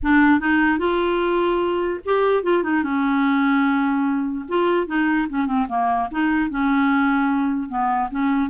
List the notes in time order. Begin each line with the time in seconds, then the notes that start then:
0.02 D4
0.39 D#4
0.78 F4
2.05 G4
2.43 F4
2.63 D#4
2.83 C#4
4.48 F4
4.86 D#4
5.29 C#4
5.46 C4
5.68 A#3
6.11 D#4
6.50 C#4
7.68 B3
8.10 C#4